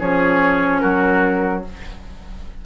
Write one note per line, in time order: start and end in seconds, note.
0.00 0.83 F3
0.00 1.65 C#4
0.00 0.82 G#4
0.00 0.80 C#5
0.80 1.66 F#3
0.80 1.64 F#4
0.80 1.62 A#4